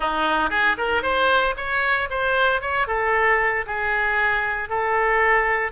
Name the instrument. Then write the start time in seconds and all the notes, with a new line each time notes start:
oboe
0.00 D#4
0.50 G#4
0.77 A#4
1.02 C5
1.56 C#5
2.09 C5
2.61 C#5
2.87 A4
3.66 G#4
4.69 A4